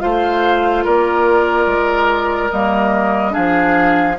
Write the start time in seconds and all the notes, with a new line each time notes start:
0.00 A3 F4 C5 F5
0.85 A#3 A#4 D5
1.67 G#3
2.51 G3 A#3 D#5
3.31 F3 D4 G#4 F5